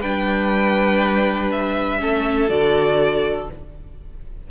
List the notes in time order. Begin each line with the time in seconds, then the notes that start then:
0.00 G3 D4 B4 G5
1.51 E5
1.98 A3 C#4 A4
2.48 D3 F#4 D5